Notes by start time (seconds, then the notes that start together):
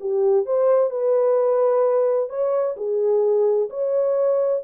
0.00 G4
0.45 C5
0.90 B4
2.29 C#5
2.76 G#4
3.69 C#5